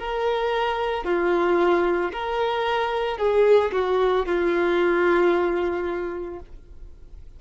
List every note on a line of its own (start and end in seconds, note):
0.00 1.05 A#4
1.05 2.12 F4
2.13 3.19 A#4
3.19 3.72 G#4
3.73 4.26 F#4
4.26 6.40 F4